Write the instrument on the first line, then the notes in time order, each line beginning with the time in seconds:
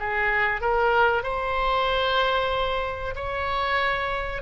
oboe
0.00 G#4
0.62 A#4
1.24 C5
3.16 C#5